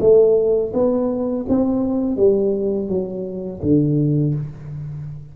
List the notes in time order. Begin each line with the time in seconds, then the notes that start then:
0.00 A3
0.73 B3
1.49 C4
2.16 G3
2.88 F#3
3.62 D3